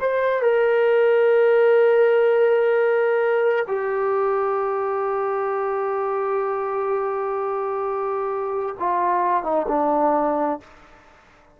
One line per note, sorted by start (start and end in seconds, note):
0.00 0.42 C5
0.42 3.65 A#4
3.67 8.75 G4
8.79 9.43 F4
9.43 9.66 D#4
9.68 10.60 D4